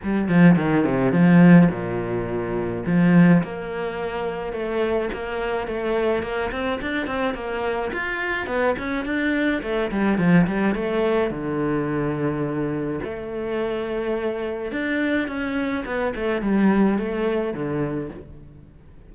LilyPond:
\new Staff \with { instrumentName = "cello" } { \time 4/4 \tempo 4 = 106 g8 f8 dis8 c8 f4 ais,4~ | ais,4 f4 ais2 | a4 ais4 a4 ais8 c'8 | d'8 c'8 ais4 f'4 b8 cis'8 |
d'4 a8 g8 f8 g8 a4 | d2. a4~ | a2 d'4 cis'4 | b8 a8 g4 a4 d4 | }